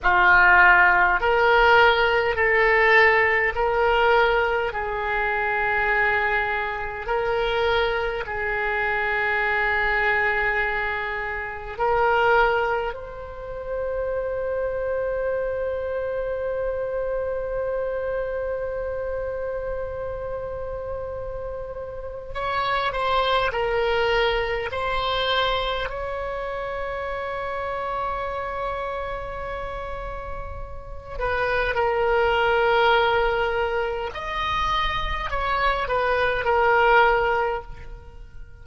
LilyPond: \new Staff \with { instrumentName = "oboe" } { \time 4/4 \tempo 4 = 51 f'4 ais'4 a'4 ais'4 | gis'2 ais'4 gis'4~ | gis'2 ais'4 c''4~ | c''1~ |
c''2. cis''8 c''8 | ais'4 c''4 cis''2~ | cis''2~ cis''8 b'8 ais'4~ | ais'4 dis''4 cis''8 b'8 ais'4 | }